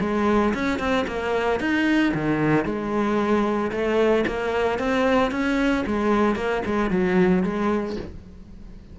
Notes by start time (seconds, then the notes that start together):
0.00 G#3
0.54 C#4
0.79 C4
1.07 A#3
1.60 D#4
2.14 D#3
2.65 G#3
3.71 A3
4.27 A#3
4.78 C4
5.31 C#4
5.86 G#3
6.35 A#3
6.65 G#3
6.90 F#3
7.43 G#3